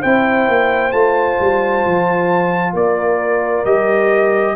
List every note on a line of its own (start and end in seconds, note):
0.00 0.48 C4
0.00 0.92 E4
0.00 2.73 C5
0.00 0.92 G5
0.48 0.92 A#3
0.92 1.37 A3
0.92 3.65 F4
0.92 2.74 A5
1.40 1.85 G3
1.86 2.73 F3
2.73 3.64 A#3
2.73 4.55 A#4
2.73 3.65 D5
3.65 4.56 G3
3.65 4.56 G4
3.65 4.56 D#5